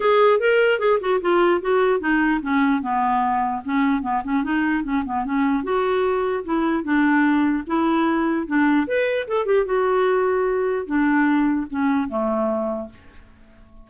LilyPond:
\new Staff \with { instrumentName = "clarinet" } { \time 4/4 \tempo 4 = 149 gis'4 ais'4 gis'8 fis'8 f'4 | fis'4 dis'4 cis'4 b4~ | b4 cis'4 b8 cis'8 dis'4 | cis'8 b8 cis'4 fis'2 |
e'4 d'2 e'4~ | e'4 d'4 b'4 a'8 g'8 | fis'2. d'4~ | d'4 cis'4 a2 | }